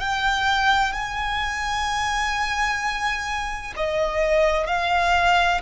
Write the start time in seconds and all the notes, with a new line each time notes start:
0.00 G5
0.92 G#5
3.77 D#5
4.67 F5